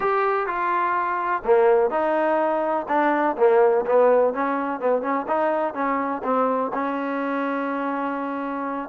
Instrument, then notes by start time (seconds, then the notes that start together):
trombone
0.00 G4
0.46 F4
1.44 A#3
1.90 D#4
2.88 D4
3.37 A#3
3.85 B3
4.33 C#4
4.80 B3
5.02 C#4
5.27 D#4
5.74 C#4
6.23 C4
6.73 C#4